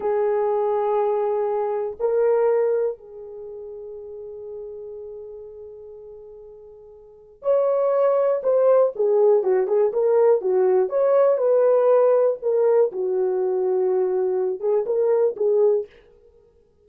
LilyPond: \new Staff \with { instrumentName = "horn" } { \time 4/4 \tempo 4 = 121 gis'1 | ais'2 gis'2~ | gis'1~ | gis'2. cis''4~ |
cis''4 c''4 gis'4 fis'8 gis'8 | ais'4 fis'4 cis''4 b'4~ | b'4 ais'4 fis'2~ | fis'4. gis'8 ais'4 gis'4 | }